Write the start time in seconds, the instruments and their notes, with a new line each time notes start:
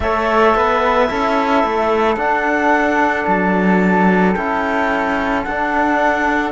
0.00 cello A3, trombone A4, flute C#5, clarinet E5
0.55 cello B3, flute B4
1.07 cello C#4, trombone E4, flute A4
1.63 cello A3
2.16 cello D4, trombone D4, clarinet F#5
3.27 cello F#3, clarinet A5
4.33 cello C#4, trombone E4, clarinet G5
5.43 cello D4, clarinet F#5
5.49 trombone D4